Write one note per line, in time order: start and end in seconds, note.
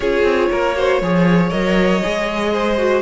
0.00 0.23 C#4
0.00 0.75 F4
0.00 0.49 G#4
0.00 1.49 C#5
0.23 0.48 C4
0.51 1.01 A#3
0.51 0.76 A#4
0.75 1.00 F#4
0.75 1.02 C5
1.01 1.51 F3
1.01 1.51 G#4
1.01 2.52 C#5
1.49 2.03 F#3
1.49 2.01 A#4
1.49 3.01 D#5
2.02 3.02 G#3
2.02 2.78 G#4
2.52 3.02 C5
2.78 3.02 F#4